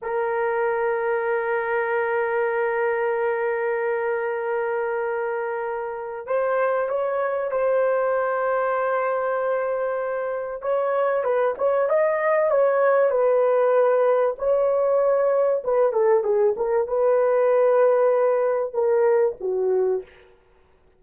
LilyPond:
\new Staff \with { instrumentName = "horn" } { \time 4/4 \tempo 4 = 96 ais'1~ | ais'1~ | ais'2 c''4 cis''4 | c''1~ |
c''4 cis''4 b'8 cis''8 dis''4 | cis''4 b'2 cis''4~ | cis''4 b'8 a'8 gis'8 ais'8 b'4~ | b'2 ais'4 fis'4 | }